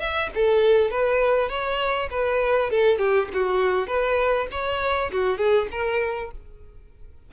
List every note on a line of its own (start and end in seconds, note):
0.00 0.30 E5
0.35 0.91 A4
0.91 1.49 B4
1.49 2.09 C#5
2.10 2.70 B4
2.70 2.98 A4
2.98 3.28 G4
3.33 3.87 F#4
3.87 4.47 B4
4.51 5.11 C#5
5.12 5.38 F#4
5.38 5.68 G#4
5.71 6.31 A#4